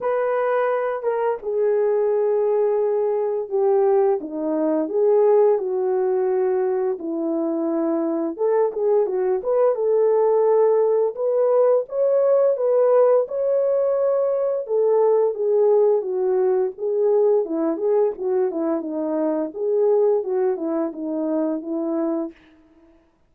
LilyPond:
\new Staff \with { instrumentName = "horn" } { \time 4/4 \tempo 4 = 86 b'4. ais'8 gis'2~ | gis'4 g'4 dis'4 gis'4 | fis'2 e'2 | a'8 gis'8 fis'8 b'8 a'2 |
b'4 cis''4 b'4 cis''4~ | cis''4 a'4 gis'4 fis'4 | gis'4 e'8 gis'8 fis'8 e'8 dis'4 | gis'4 fis'8 e'8 dis'4 e'4 | }